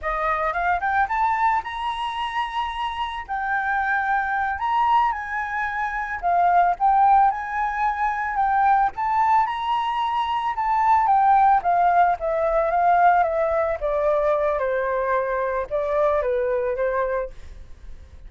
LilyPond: \new Staff \with { instrumentName = "flute" } { \time 4/4 \tempo 4 = 111 dis''4 f''8 g''8 a''4 ais''4~ | ais''2 g''2~ | g''8 ais''4 gis''2 f''8~ | f''8 g''4 gis''2 g''8~ |
g''8 a''4 ais''2 a''8~ | a''8 g''4 f''4 e''4 f''8~ | f''8 e''4 d''4. c''4~ | c''4 d''4 b'4 c''4 | }